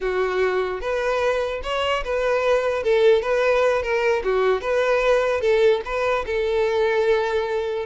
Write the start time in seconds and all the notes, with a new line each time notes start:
0.00 F#4
0.80 B4
1.63 C#5
2.04 B4
2.83 A4
3.22 B4
3.82 A#4
4.24 F#4
4.61 B4
5.41 A4
5.85 B4
6.26 A4